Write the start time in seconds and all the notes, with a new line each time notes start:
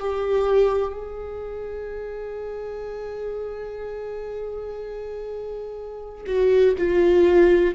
0.00 G4
0.93 G#4
6.26 F#4
6.78 F4